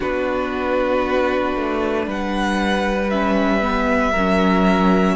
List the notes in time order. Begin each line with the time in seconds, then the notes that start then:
0.00 B3 D4 F#4 B4
1.55 A3
2.06 G3 B4 F#5
3.09 C#4 E5
3.61 B3
4.11 F#3 C#4 A#4